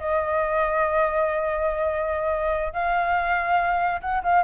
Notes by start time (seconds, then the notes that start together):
0.00 D#5
2.74 F5
4.02 F#5
4.24 F5